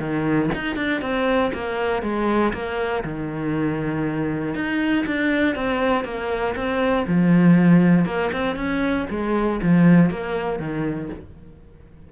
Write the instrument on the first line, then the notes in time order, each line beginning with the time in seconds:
cello
0.00 D#3
0.55 D#4
0.77 D4
1.02 C4
1.54 A#3
2.03 G#3
2.53 A#3
3.05 D#3
4.55 D#4
5.07 D4
5.56 C4
6.05 A#3
6.56 C4
7.07 F3
8.06 A#3
8.33 C4
8.56 C#4
9.10 G#3
9.63 F3
10.11 A#3
10.60 D#3